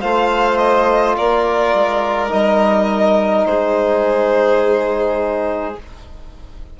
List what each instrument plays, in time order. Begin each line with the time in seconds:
0.00 bassoon A3, trombone F4, violin C5 F5
0.57 violin D#5
1.17 bassoon A#3, violin A#4 D5
1.74 bassoon G#3
2.29 bassoon G3, trombone D#4, violin D#5
3.46 bassoon G#3, violin G#4 C5